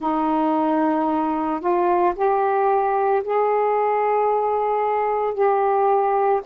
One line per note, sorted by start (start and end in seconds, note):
0.00 1.60 D#4
1.60 2.13 F4
2.15 3.22 G4
3.23 5.34 G#4
5.34 6.41 G4